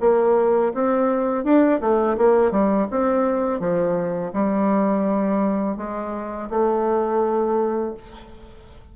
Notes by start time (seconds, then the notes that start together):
0.00 A#3
0.74 C4
1.44 D4
1.81 A3
2.17 A#3
2.51 G3
2.90 C4
3.59 F3
4.33 G3
5.77 G#3
6.50 A3